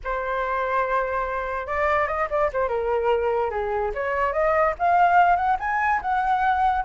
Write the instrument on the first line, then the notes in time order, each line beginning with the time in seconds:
flute
0.03 C5
1.66 D5
2.07 D#5
2.30 D5
2.52 C5
2.68 A#4
3.50 G#4
3.94 C#5
4.32 D#5
4.78 F5
5.35 F#5
5.59 G#5
6.01 F#5